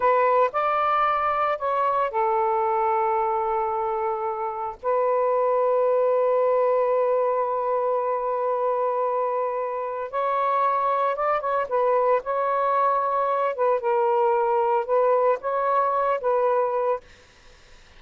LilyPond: \new Staff \with { instrumentName = "saxophone" } { \time 4/4 \tempo 4 = 113 b'4 d''2 cis''4 | a'1~ | a'4 b'2.~ | b'1~ |
b'2. cis''4~ | cis''4 d''8 cis''8 b'4 cis''4~ | cis''4. b'8 ais'2 | b'4 cis''4. b'4. | }